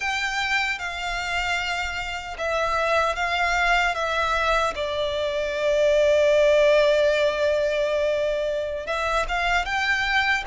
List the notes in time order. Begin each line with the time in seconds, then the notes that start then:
0.00 G5
0.79 F5
2.38 E5
3.15 F5
3.95 E5
4.75 D5
8.86 E5
9.28 F5
9.65 G5